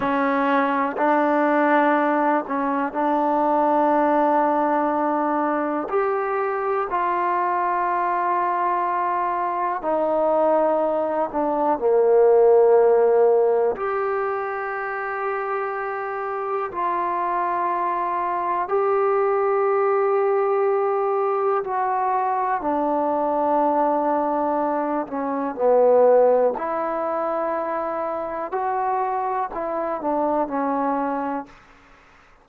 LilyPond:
\new Staff \with { instrumentName = "trombone" } { \time 4/4 \tempo 4 = 61 cis'4 d'4. cis'8 d'4~ | d'2 g'4 f'4~ | f'2 dis'4. d'8 | ais2 g'2~ |
g'4 f'2 g'4~ | g'2 fis'4 d'4~ | d'4. cis'8 b4 e'4~ | e'4 fis'4 e'8 d'8 cis'4 | }